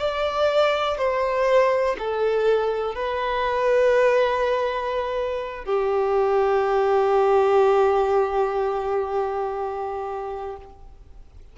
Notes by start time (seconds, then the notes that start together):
0.00 D5
0.98 C5
1.99 A4
2.95 B4
5.66 G4